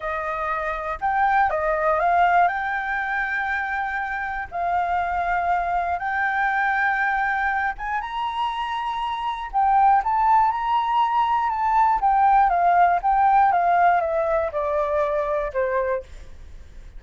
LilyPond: \new Staff \with { instrumentName = "flute" } { \time 4/4 \tempo 4 = 120 dis''2 g''4 dis''4 | f''4 g''2.~ | g''4 f''2. | g''2.~ g''8 gis''8 |
ais''2. g''4 | a''4 ais''2 a''4 | g''4 f''4 g''4 f''4 | e''4 d''2 c''4 | }